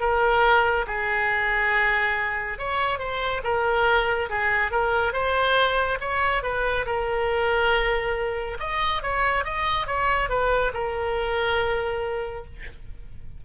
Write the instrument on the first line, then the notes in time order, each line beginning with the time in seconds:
oboe
0.00 A#4
0.87 G#4
2.58 C#5
2.98 C5
3.44 A#4
4.30 G#4
4.71 A#4
5.13 C5
6.00 C#5
6.43 B4
6.86 A#4
8.60 D#5
9.02 C#5
9.44 D#5
9.87 C#5
10.29 B4
10.73 A#4